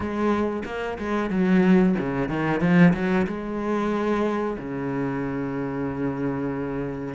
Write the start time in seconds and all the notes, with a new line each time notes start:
0.00 G#3
0.65 A#3
0.98 G#3
1.30 F#3
1.98 C#3
2.29 D#3
2.60 F3
2.93 F#3
3.26 G#3
4.58 C#3